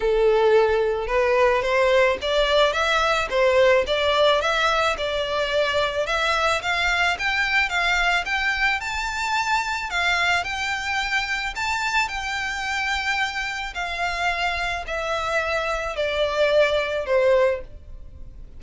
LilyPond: \new Staff \with { instrumentName = "violin" } { \time 4/4 \tempo 4 = 109 a'2 b'4 c''4 | d''4 e''4 c''4 d''4 | e''4 d''2 e''4 | f''4 g''4 f''4 g''4 |
a''2 f''4 g''4~ | g''4 a''4 g''2~ | g''4 f''2 e''4~ | e''4 d''2 c''4 | }